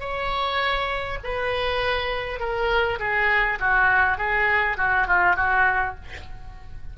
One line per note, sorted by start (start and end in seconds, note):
0.00 1.19 C#5
1.24 2.40 B4
2.40 2.99 A#4
2.99 3.59 G#4
3.60 4.18 F#4
4.18 4.77 G#4
4.77 5.07 F#4
5.07 5.36 F4
5.36 5.95 F#4